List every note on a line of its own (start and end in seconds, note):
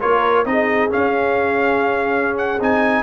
0.00 0.45 A#3
0.00 0.45 F4
0.00 0.46 A#4
0.00 0.45 C#5
0.45 0.90 C4
0.45 0.90 D#4
0.45 3.02 G#4
0.45 0.90 D#5
0.90 2.59 C#4
0.90 2.60 C#4
0.90 2.37 F5
2.37 2.60 F#5
2.60 3.02 C4
2.60 3.02 D#4
2.60 3.02 G#5